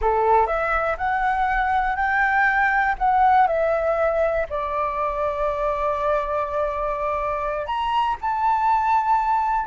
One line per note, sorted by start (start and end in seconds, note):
0.01 0.46 A4
0.46 0.96 E5
0.97 1.96 F#5
1.96 2.95 G5
2.98 3.47 F#5
3.47 4.46 E5
4.49 7.66 D5
7.66 8.16 A#5
8.21 9.66 A5